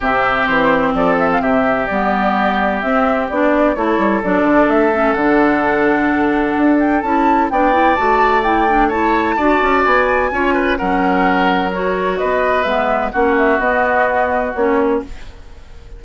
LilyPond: <<
  \new Staff \with { instrumentName = "flute" } { \time 4/4 \tempo 4 = 128 e''4 c''4 d''8 e''16 f''16 e''4 | d''2 e''4 d''4 | cis''4 d''4 e''4 fis''4~ | fis''2~ fis''8 g''8 a''4 |
g''4 a''4 g''4 a''4~ | a''4 gis''2 fis''4~ | fis''4 cis''4 dis''4 e''4 | fis''8 e''8 dis''2 cis''4 | }
  \new Staff \with { instrumentName = "oboe" } { \time 4/4 g'2 a'4 g'4~ | g'1 | a'1~ | a'1 |
d''2. cis''4 | d''2 cis''8 b'8 ais'4~ | ais'2 b'2 | fis'1 | }
  \new Staff \with { instrumentName = "clarinet" } { \time 4/4 c'1 | b2 c'4 d'4 | e'4 d'4. cis'8 d'4~ | d'2. e'4 |
d'8 e'8 fis'4 e'8 d'8 e'4 | fis'2 f'4 cis'4~ | cis'4 fis'2 b4 | cis'4 b2 cis'4 | }
  \new Staff \with { instrumentName = "bassoon" } { \time 4/4 c4 e4 f4 c4 | g2 c'4 b4 | a8 g8 fis8 d8 a4 d4~ | d2 d'4 cis'4 |
b4 a2. | d'8 cis'8 b4 cis'4 fis4~ | fis2 b4 gis4 | ais4 b2 ais4 | }
>>